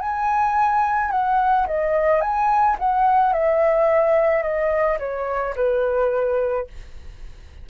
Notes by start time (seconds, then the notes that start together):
0.00 G#5
1.11 F#5
1.67 D#5
2.21 G#5
2.79 F#5
3.33 E5
4.42 D#5
4.99 C#5
5.56 B4